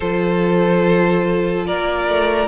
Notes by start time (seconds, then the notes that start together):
0.00 F3 F4 A4 C5
1.66 A#3 A#4 D5
2.07 A3